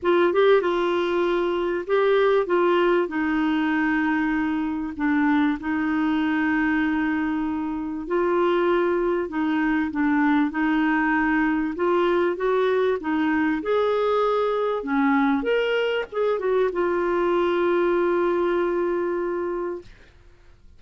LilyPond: \new Staff \with { instrumentName = "clarinet" } { \time 4/4 \tempo 4 = 97 f'8 g'8 f'2 g'4 | f'4 dis'2. | d'4 dis'2.~ | dis'4 f'2 dis'4 |
d'4 dis'2 f'4 | fis'4 dis'4 gis'2 | cis'4 ais'4 gis'8 fis'8 f'4~ | f'1 | }